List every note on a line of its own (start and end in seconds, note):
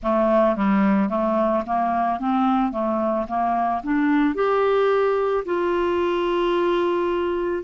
0.02 0.56 A3
0.56 1.09 G3
1.09 1.63 A3
1.66 2.19 A#3
2.19 2.72 C4
2.72 3.26 A3
3.27 3.82 A#3
3.83 4.34 D4
4.34 5.43 G4
5.45 7.63 F4